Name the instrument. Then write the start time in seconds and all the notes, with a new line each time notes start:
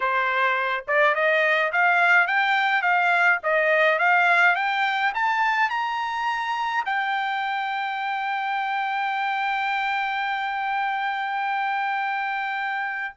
trumpet
0.00 C5
0.87 D5
1.14 D#5
1.72 F5
2.27 G5
2.82 F5
3.43 D#5
3.98 F5
4.55 G5
5.14 A5
5.69 A#5
6.85 G5